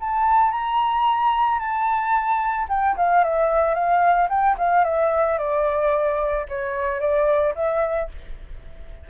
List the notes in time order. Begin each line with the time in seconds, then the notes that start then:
0.00 A5
0.51 A#5
1.59 A5
2.69 G5
2.97 F5
3.24 E5
3.74 F5
4.29 G5
4.58 F5
4.84 E5
5.38 D5
6.49 C#5
7.00 D5
7.55 E5